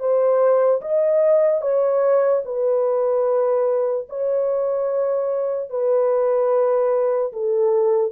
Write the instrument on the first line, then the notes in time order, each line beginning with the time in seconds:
horn
0.00 C5
0.81 D#5
1.61 C#5
2.45 B4
4.09 C#5
5.70 B4
7.33 A4